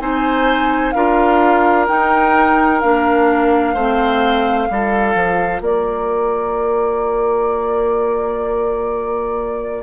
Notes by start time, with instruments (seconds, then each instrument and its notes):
0.00 bassoon C4, clarinet D#4, oboe C5, flute G#5
0.92 bassoon D4, clarinet F4, oboe A#4, flute F5
1.88 clarinet D#4, bassoon D#4, flute G5
2.81 bassoon A#3, clarinet D4, flute F5
3.74 bassoon A3, clarinet C4, oboe C5
4.69 bassoon G3, clarinet F4, oboe A4
5.15 bassoon F3
5.61 bassoon A#3, oboe A#4, flute D5